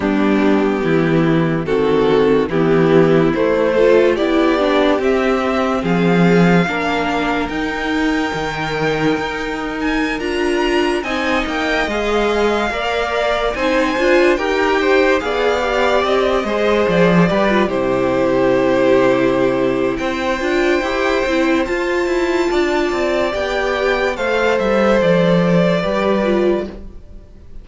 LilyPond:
<<
  \new Staff \with { instrumentName = "violin" } { \time 4/4 \tempo 4 = 72 g'2 a'4 g'4 | c''4 d''4 e''4 f''4~ | f''4 g''2~ g''8. gis''16~ | gis''16 ais''4 gis''8 g''8 f''4.~ f''16~ |
f''16 gis''4 g''4 f''4 dis''8.~ | dis''16 d''4 c''2~ c''8. | g''2 a''2 | g''4 f''8 e''8 d''2 | }
  \new Staff \with { instrumentName = "violin" } { \time 4/4 d'4 e'4 fis'4 e'4~ | e'8 a'8 g'2 gis'4 | ais'1~ | ais'4~ ais'16 dis''2 d''8.~ |
d''16 c''4 ais'8 c''8 d''4. c''16~ | c''8. b'8 g'2~ g'8. | c''2. d''4~ | d''4 c''2 b'4 | }
  \new Staff \with { instrumentName = "viola" } { \time 4/4 b2 c'4 b4 | a8 f'8 e'8 d'8 c'2 | d'4 dis'2.~ | dis'16 f'4 dis'4 gis'4 ais'8.~ |
ais'16 dis'8 f'8 g'4 gis'8 g'4 gis'16~ | gis'8. g'16 f'16 e'2~ e'8.~ | e'8 f'8 g'8 e'8 f'2 | g'4 a'2 g'8 f'8 | }
  \new Staff \with { instrumentName = "cello" } { \time 4/4 g4 e4 dis4 e4 | a4 b4 c'4 f4 | ais4 dis'4 dis4 dis'4~ | dis'16 d'4 c'8 ais8 gis4 ais8.~ |
ais16 c'8 d'8 dis'4 b4 c'8 gis16~ | gis16 f8 g8 c2~ c8. | c'8 d'8 e'8 c'8 f'8 e'8 d'8 c'8 | b4 a8 g8 f4 g4 | }
>>